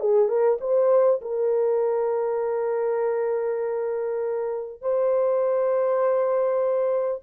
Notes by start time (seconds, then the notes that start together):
0.00 G#4
0.28 A#4
0.61 C5
1.21 A#4
4.81 C5